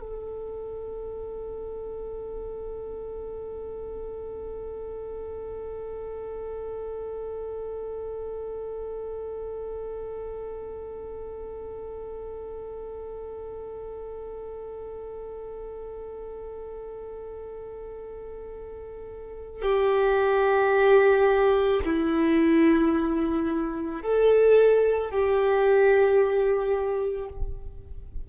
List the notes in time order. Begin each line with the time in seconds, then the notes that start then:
0.00 A4
19.62 G4
21.85 E4
24.02 A4
25.10 G4